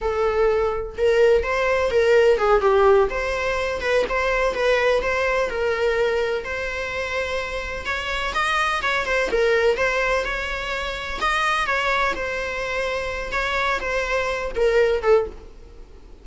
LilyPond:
\new Staff \with { instrumentName = "viola" } { \time 4/4 \tempo 4 = 126 a'2 ais'4 c''4 | ais'4 gis'8 g'4 c''4. | b'8 c''4 b'4 c''4 ais'8~ | ais'4. c''2~ c''8~ |
c''8 cis''4 dis''4 cis''8 c''8 ais'8~ | ais'8 c''4 cis''2 dis''8~ | dis''8 cis''4 c''2~ c''8 | cis''4 c''4. ais'4 a'8 | }